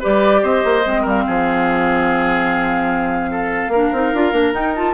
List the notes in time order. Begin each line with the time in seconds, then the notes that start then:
0.00 G3 G4 B4 D5
0.43 C4 C5 D#5
0.65 A#3
0.84 G#3 C4
1.02 G3 A#4 F5
1.27 F3 G#4
3.31 A4
3.68 A#3 D4 A#4
3.92 C4 D#4
4.14 D4 F4
4.32 A#3 D4
4.52 D#4 G5
4.75 F4 A5